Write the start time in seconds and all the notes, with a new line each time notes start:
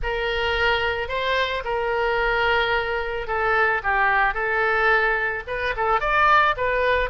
0.02 A#4
1.08 C5
1.64 A#4
3.27 A4
3.83 G4
4.34 A4
5.47 B4
5.76 A4
6.00 D5
6.56 B4